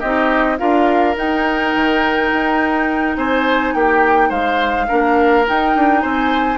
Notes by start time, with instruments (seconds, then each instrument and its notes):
0.00 bassoon C4, clarinet D#4, oboe G4, flute D#5
0.58 bassoon D4, clarinet F4, oboe A#4, flute F5
1.15 clarinet D#4, bassoon D#4, flute G5
1.75 bassoon D#3
2.33 bassoon D#4
3.17 bassoon C4, oboe C5, flute G#5
3.74 bassoon A#3, oboe G4, flute G5
4.29 bassoon G#3, oboe C5, flute F5
4.88 bassoon A#3, clarinet D4, oboe A#4
5.47 clarinet D#4, bassoon D#4, flute G5
5.76 bassoon D4
6.01 bassoon C4, oboe C5, flute G#5